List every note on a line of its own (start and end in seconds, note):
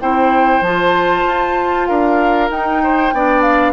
0.00 0.61 C4
0.00 0.62 E4
0.00 1.88 C5
0.00 0.62 G5
0.61 1.23 F3
0.61 2.50 F4
0.61 1.86 A5
1.25 1.88 F4
1.86 2.49 D4
1.86 2.82 A#4
1.86 2.49 F5
2.49 3.12 D#4
2.49 3.13 D#4
2.49 3.41 G5
2.83 3.14 C5
3.12 3.72 B3
3.12 3.72 D4
3.12 3.72 D5
3.41 3.72 F5